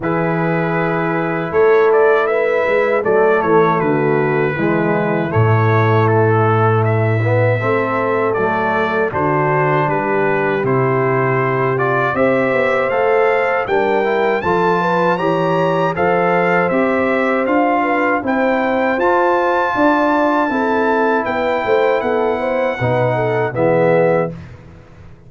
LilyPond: <<
  \new Staff \with { instrumentName = "trumpet" } { \time 4/4 \tempo 4 = 79 b'2 cis''8 d''8 e''4 | d''8 cis''8 b'2 cis''4 | a'4 e''2 d''4 | c''4 b'4 c''4. d''8 |
e''4 f''4 g''4 a''4 | ais''4 f''4 e''4 f''4 | g''4 a''2. | g''4 fis''2 e''4 | }
  \new Staff \with { instrumentName = "horn" } { \time 4/4 gis'2 a'4 b'4 | a'4 fis'4 e'2~ | e'2 a'2 | fis'4 g'2. |
c''2 ais'4 a'8 b'8 | cis''4 c''2~ c''8 b'8 | c''2 d''4 a'4 | b'8 c''8 a'8 c''8 b'8 a'8 gis'4 | }
  \new Staff \with { instrumentName = "trombone" } { \time 4/4 e'1 | a2 gis4 a4~ | a4. b8 c'4 a4 | d'2 e'4. f'8 |
g'4 a'4 d'8 e'8 f'4 | g'4 a'4 g'4 f'4 | e'4 f'2 e'4~ | e'2 dis'4 b4 | }
  \new Staff \with { instrumentName = "tuba" } { \time 4/4 e2 a4. gis8 | fis8 e8 d4 e4 a,4~ | a,2 a4 fis4 | d4 g4 c2 |
c'8 b8 a4 g4 f4 | e4 f4 c'4 d'4 | c'4 f'4 d'4 c'4 | b8 a8 b4 b,4 e4 | }
>>